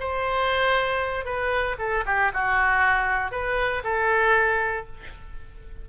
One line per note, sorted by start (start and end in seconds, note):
0.00 1.25 C5
1.25 1.76 B4
1.79 2.04 A4
2.06 2.32 G4
2.34 3.31 F#4
3.31 3.83 B4
3.84 4.86 A4